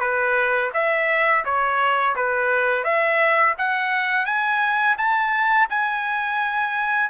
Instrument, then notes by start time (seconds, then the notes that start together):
trumpet
0.00 B4
0.73 E5
1.44 C#5
2.15 B4
2.84 E5
3.58 F#5
4.25 G#5
4.97 A5
5.70 G#5